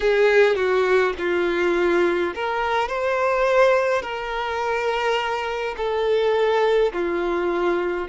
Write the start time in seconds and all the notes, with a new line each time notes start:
0.00 G#4
0.55 F#4
1.18 F4
2.34 A#4
2.88 C5
4.02 A#4
5.77 A4
6.92 F4